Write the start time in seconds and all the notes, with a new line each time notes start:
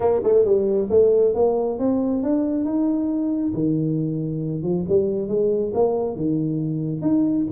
0.00 A#3
0.23 A3
0.44 G3
0.90 A3
1.34 A#3
1.78 C4
2.22 D4
2.64 D#4
3.53 D#3
4.62 F3
4.88 G3
5.28 G#3
5.74 A#3
6.16 D#3
7.01 D#4